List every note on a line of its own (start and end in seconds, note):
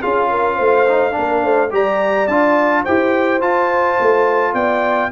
0.00 0.59 C#4
0.00 0.86 F4
0.00 0.28 G#4
0.00 1.71 F5
0.30 0.55 A#4
0.55 1.16 A3
0.55 1.12 C5
0.87 1.11 D#4
1.11 1.44 A#3
1.11 1.68 D4
1.11 1.43 A#4
1.43 1.72 A3
1.43 1.71 C5
1.71 2.27 G3
1.71 2.27 G4
1.71 2.83 D5
1.71 2.27 A#5
2.27 2.84 D4
2.27 2.86 F4
2.27 2.84 A5
2.83 3.41 E4
2.83 3.40 G4
2.83 4.53 C5
2.83 3.41 G5
3.40 5.10 F4
3.40 3.98 F4
3.40 4.54 A5
4.00 4.53 A3
4.53 5.10 B3
4.53 5.10 D5
4.53 5.10 G5